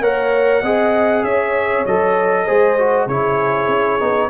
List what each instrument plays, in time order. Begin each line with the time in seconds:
0.00 tuba A#3, trombone A#4, horn C#5, trumpet F#5
0.62 tuba C4, trombone G#4, horn D#5
1.23 tuba C#4, horn C#5, trumpet E5
1.86 tuba F#3, trombone A4, trumpet D#5
2.45 tuba G#3, trombone G#4, horn C5
2.78 trombone F#4
3.06 tuba C#3, trombone E4, horn G#4, trumpet C#5
3.67 tuba C#4
3.99 tuba B3, trombone D#4